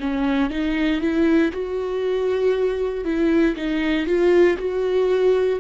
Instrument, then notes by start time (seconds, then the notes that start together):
viola
0.00 C#4
0.50 D#4
1.01 E4
1.52 F#4
3.05 E4
3.56 D#4
4.06 F4
4.58 F#4